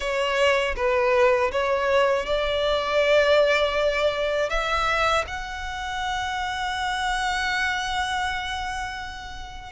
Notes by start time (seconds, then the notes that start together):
0.00 C#5
0.76 B4
1.51 C#5
2.26 D5
4.49 E5
5.27 F#5